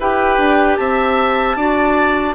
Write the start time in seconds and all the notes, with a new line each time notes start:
0.00 E4 G4 B4 G5
0.38 D4
0.76 C4 E5 A5
1.56 D4 F#4 D5